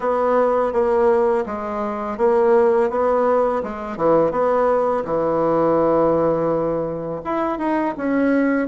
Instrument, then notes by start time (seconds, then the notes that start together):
bassoon
0.00 B3
0.72 A#3
1.46 G#3
2.17 A#3
2.90 B3
3.63 G#3
3.97 E3
4.31 B3
5.04 E3
7.24 E4
7.58 D#4
7.97 C#4